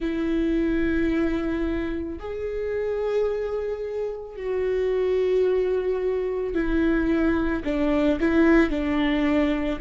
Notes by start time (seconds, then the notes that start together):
0.00 E4
2.19 G#4
4.36 F#4
6.54 E4
7.64 D4
8.20 E4
8.70 D4